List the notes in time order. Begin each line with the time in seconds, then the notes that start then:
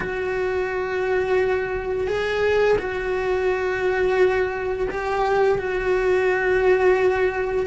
0.00 F#4
2.07 G#4
2.78 F#4
4.90 G4
5.58 F#4